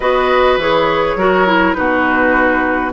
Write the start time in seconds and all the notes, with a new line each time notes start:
0.00 B3 F#4 B4 D#5
0.57 E3 G#4 C#5
1.15 F#3 F#4 A#4
1.47 E4
1.73 B2 D#4 F#4 B4